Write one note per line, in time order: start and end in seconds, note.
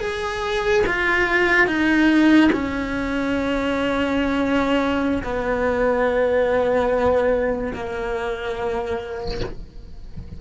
0.00 0.83 G#4
0.86 1.67 F4
1.67 2.50 D#4
2.52 5.23 C#4
5.23 7.73 B3
7.73 9.40 A#3